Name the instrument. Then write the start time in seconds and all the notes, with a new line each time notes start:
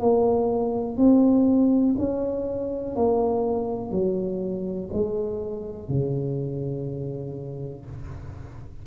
tuba
0.00 A#3
0.97 C4
1.99 C#4
2.96 A#3
3.91 F#3
4.93 G#3
5.89 C#3